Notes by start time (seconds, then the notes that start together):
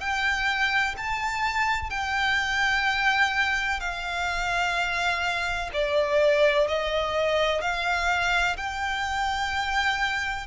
0.00 G5
0.97 A5
1.90 G5
3.80 F5
5.73 D5
6.68 D#5
7.61 F5
8.57 G5